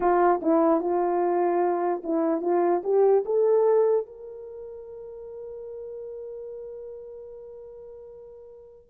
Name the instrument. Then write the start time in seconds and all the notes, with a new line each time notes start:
horn
0.00 F4
0.42 E4
0.80 F4
2.03 E4
2.41 F4
2.83 G4
3.25 A4
4.05 A#4